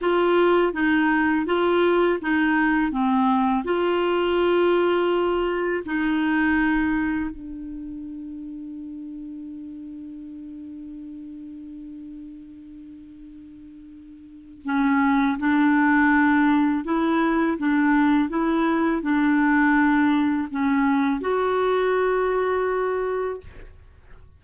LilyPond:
\new Staff \with { instrumentName = "clarinet" } { \time 4/4 \tempo 4 = 82 f'4 dis'4 f'4 dis'4 | c'4 f'2. | dis'2 d'2~ | d'1~ |
d'1 | cis'4 d'2 e'4 | d'4 e'4 d'2 | cis'4 fis'2. | }